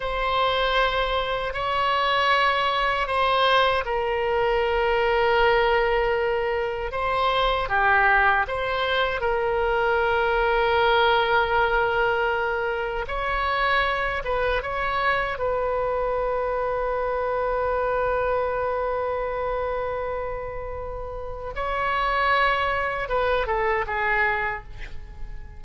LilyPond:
\new Staff \with { instrumentName = "oboe" } { \time 4/4 \tempo 4 = 78 c''2 cis''2 | c''4 ais'2.~ | ais'4 c''4 g'4 c''4 | ais'1~ |
ais'4 cis''4. b'8 cis''4 | b'1~ | b'1 | cis''2 b'8 a'8 gis'4 | }